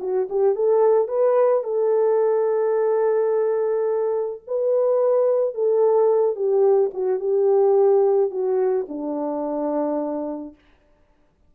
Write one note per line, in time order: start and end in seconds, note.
0.00 0.28 F#4
0.29 0.55 G4
0.55 1.08 A4
1.08 1.64 B4
1.64 4.41 A4
4.47 5.54 B4
5.54 6.35 A4
6.35 6.91 G4
6.93 7.19 F#4
7.19 8.31 G4
8.31 8.86 F#4
8.88 10.55 D4